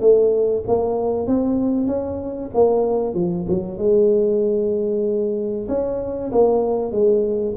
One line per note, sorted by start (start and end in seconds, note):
0.00 0.63 A3
0.67 1.27 A#3
1.27 1.87 C4
1.87 2.50 C#4
2.54 3.14 A#3
3.14 3.46 F3
3.48 3.78 F#3
3.78 5.67 G#3
5.68 6.31 C#4
6.32 6.92 A#3
6.92 7.55 G#3